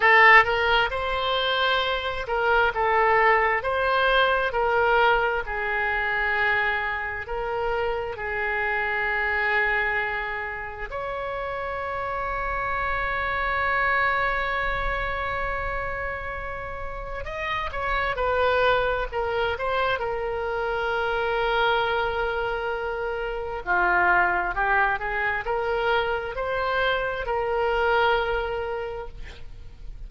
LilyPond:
\new Staff \with { instrumentName = "oboe" } { \time 4/4 \tempo 4 = 66 a'8 ais'8 c''4. ais'8 a'4 | c''4 ais'4 gis'2 | ais'4 gis'2. | cis''1~ |
cis''2. dis''8 cis''8 | b'4 ais'8 c''8 ais'2~ | ais'2 f'4 g'8 gis'8 | ais'4 c''4 ais'2 | }